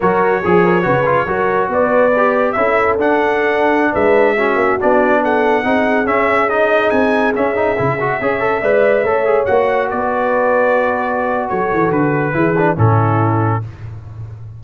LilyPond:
<<
  \new Staff \with { instrumentName = "trumpet" } { \time 4/4 \tempo 4 = 141 cis''1 | d''2 e''4 fis''4~ | fis''4~ fis''16 e''2 d''8.~ | d''16 fis''2 e''4 dis''8.~ |
dis''16 gis''4 e''2~ e''8.~ | e''2~ e''16 fis''4 d''8.~ | d''2. cis''4 | b'2 a'2 | }
  \new Staff \with { instrumentName = "horn" } { \time 4/4 ais'4 gis'8 ais'8 b'4 ais'4 | b'2 a'2~ | a'4~ a'16 b'4 fis'4.~ fis'16~ | fis'16 a'4 gis'2~ gis'8.~ |
gis'2.~ gis'16 cis''8.~ | cis''16 d''4 cis''2 b'8.~ | b'2. a'4~ | a'4 gis'4 e'2 | }
  \new Staff \with { instrumentName = "trombone" } { \time 4/4 fis'4 gis'4 fis'8 f'8 fis'4~ | fis'4 g'4 e'4 d'4~ | d'2~ d'16 cis'4 d'8.~ | d'4~ d'16 dis'4 cis'4 dis'8.~ |
dis'4~ dis'16 cis'8 dis'8 e'8 fis'8 gis'8 a'16~ | a'16 b'4 a'8 gis'8 fis'4.~ fis'16~ | fis'1~ | fis'4 e'8 d'8 cis'2 | }
  \new Staff \with { instrumentName = "tuba" } { \time 4/4 fis4 f4 cis4 fis4 | b2 cis'4 d'4~ | d'4~ d'16 gis4. ais8 b8.~ | b4~ b16 c'4 cis'4.~ cis'16~ |
cis'16 c'4 cis'4 cis4 cis'8.~ | cis'16 gis4 a4 ais4 b8.~ | b2. fis8 e8 | d4 e4 a,2 | }
>>